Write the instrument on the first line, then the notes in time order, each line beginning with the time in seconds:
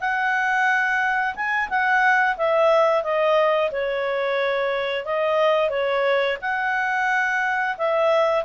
clarinet
0.00 F#5
1.35 G#5
1.69 F#5
2.37 E5
3.03 D#5
3.71 C#5
5.05 D#5
5.70 C#5
6.41 F#5
7.77 E5